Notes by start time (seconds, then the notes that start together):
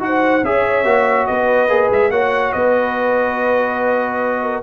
0.00 D#4 F#4 F#5
0.06 C5
0.43 C#4 G#4 C#5 E5
0.84 A#3 F#4
1.27 B3 B4 D#5
1.69 A#3 G#4
1.90 G#3 E5
2.10 A#3 F#4 C#5 F#5
2.53 B3 B4 D#5
4.43 A#4